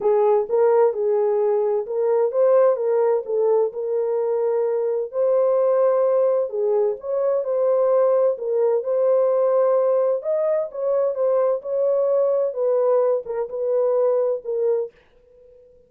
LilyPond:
\new Staff \with { instrumentName = "horn" } { \time 4/4 \tempo 4 = 129 gis'4 ais'4 gis'2 | ais'4 c''4 ais'4 a'4 | ais'2. c''4~ | c''2 gis'4 cis''4 |
c''2 ais'4 c''4~ | c''2 dis''4 cis''4 | c''4 cis''2 b'4~ | b'8 ais'8 b'2 ais'4 | }